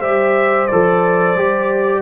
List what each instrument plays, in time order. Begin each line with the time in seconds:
0.00 tuba G3, trombone G4, horn C5, trumpet E5
0.68 tuba F3, trombone A4, trumpet D5
1.36 tuba G3, trombone G4